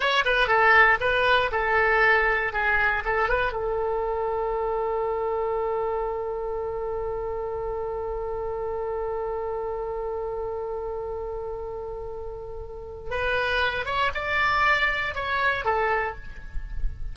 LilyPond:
\new Staff \with { instrumentName = "oboe" } { \time 4/4 \tempo 4 = 119 cis''8 b'8 a'4 b'4 a'4~ | a'4 gis'4 a'8 b'8 a'4~ | a'1~ | a'1~ |
a'1~ | a'1~ | a'2 b'4. cis''8 | d''2 cis''4 a'4 | }